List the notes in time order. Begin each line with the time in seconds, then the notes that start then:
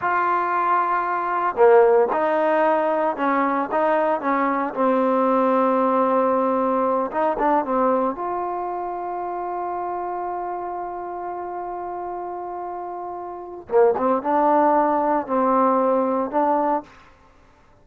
0.01 F4
1.55 A#3
2.12 D#4
3.16 C#4
3.71 D#4
4.21 C#4
4.73 C4
7.11 D#4
7.38 D4
7.64 C4
8.15 F4
13.68 A#3
13.97 C4
14.22 D4
15.26 C4
16.30 D4